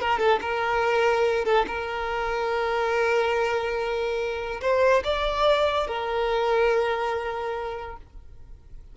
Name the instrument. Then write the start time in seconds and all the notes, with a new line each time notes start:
violin
0.00 A#4
0.18 A4
0.41 A#4
1.44 A4
1.67 A#4
4.61 C5
5.03 D5
5.87 A#4